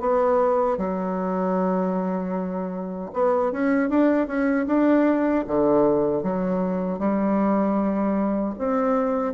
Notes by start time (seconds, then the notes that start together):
0.00 B3
0.78 F#3
3.13 B3
3.52 C#4
3.90 D4
4.27 C#4
4.67 D4
5.47 D3
6.23 F#3
6.99 G3
8.59 C4